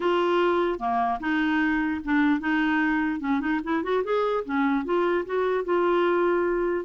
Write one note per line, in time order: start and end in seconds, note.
0.00 0.79 F4
0.79 1.19 A#3
1.20 2.00 D#4
2.04 2.40 D4
2.40 3.20 D#4
3.20 3.40 C#4
3.40 3.60 D#4
3.63 3.83 E4
3.83 4.03 F#4
4.04 4.44 G#4
4.45 4.84 C#4
4.84 5.25 F4
5.25 5.64 F#4
5.64 6.85 F4